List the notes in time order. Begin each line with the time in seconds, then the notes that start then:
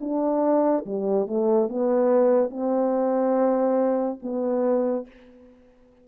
0.00 D4
0.85 G3
1.27 A3
1.68 B3
2.50 C4
4.22 B3